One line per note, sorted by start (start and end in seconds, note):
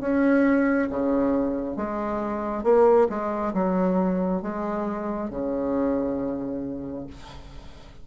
0.00 0.88 C#4
0.89 1.76 C#3
1.76 2.64 G#3
2.64 3.08 A#3
3.09 3.53 G#3
3.54 4.42 F#3
4.42 5.30 G#3
5.30 7.07 C#3